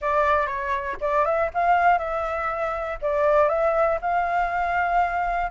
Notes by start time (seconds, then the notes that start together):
0.01 D5
0.46 C#5
1.00 D5
1.25 E5
1.53 F5
1.98 E5
3.01 D5
3.49 E5
4.01 F5